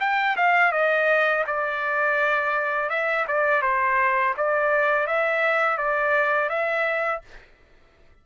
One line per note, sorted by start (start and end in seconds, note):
0.00 0.36 G5
0.36 0.72 F5
0.72 1.44 D#5
1.47 2.89 D5
2.89 3.26 E5
3.28 3.62 D5
3.62 4.34 C5
4.37 5.07 D5
5.07 5.77 E5
5.77 6.49 D5
6.49 7.22 E5